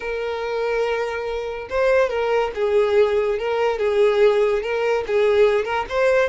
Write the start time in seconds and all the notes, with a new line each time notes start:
0.00 A#4
1.69 C5
2.09 A#4
2.54 G#4
3.38 A#4
3.78 G#4
4.62 A#4
5.06 G#4
5.64 A#4
5.89 C5